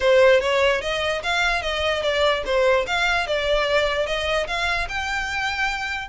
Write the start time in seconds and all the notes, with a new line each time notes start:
0.00 C5
0.40 C#5
0.81 D#5
1.23 F5
1.61 D#5
2.02 D5
2.45 C5
2.86 F5
3.26 D5
4.06 D#5
4.47 F5
4.89 G5